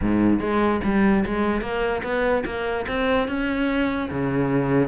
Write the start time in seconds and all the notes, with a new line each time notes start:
0.01 G#2
0.40 G#3
0.83 G3
1.25 G#3
1.61 A#3
2.03 B3
2.45 A#3
2.87 C4
3.28 C#4
4.10 C#3